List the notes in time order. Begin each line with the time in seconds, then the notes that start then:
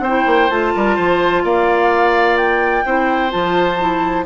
0.00 C4 C5 G5
0.07 E4
0.27 A#3
0.50 A3 F4 A5
0.75 G3 A#4
0.96 F3 C5
1.44 A#3 D5 F5
2.38 G5
2.86 C4 E4 C5
3.31 F3 F4 A5
3.80 E4